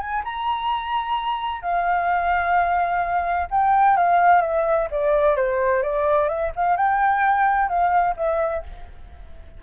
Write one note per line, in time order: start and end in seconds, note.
0.00 0.23 G#5
0.25 1.62 A#5
1.62 3.48 F5
3.51 3.97 G5
3.97 4.42 F5
4.42 4.88 E5
4.91 5.36 D5
5.36 5.83 C5
5.83 6.29 D5
6.29 6.52 E5
6.56 6.77 F5
6.77 7.69 G5
7.69 8.15 F5
8.17 8.63 E5